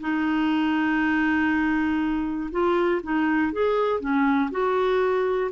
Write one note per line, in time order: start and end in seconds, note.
0.00 2.50 D#4
2.51 3.01 F4
3.03 3.52 D#4
3.52 4.00 G#4
4.00 4.50 C#4
4.51 5.51 F#4